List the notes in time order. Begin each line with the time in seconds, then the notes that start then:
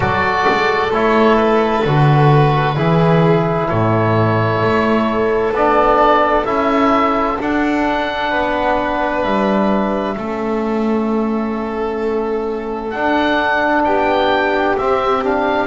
0.00 F#3 F#4 A4 D5
0.48 G#3
0.90 A3 E4 C#5
1.37 B4
1.84 D3 F#4
2.76 E3 E4 G#4
3.68 A2 A4 C#5
4.62 A3
5.52 B3 D4 D5
6.44 C#4 E4 E5
7.39 D4 F#5
8.30 B3 B4
9.23 G3 E5
10.16 A3 C#4 A4
12.90 D4 F#5
13.84 B3 G4 G5
14.77 C4 E5
15.23 D4 F5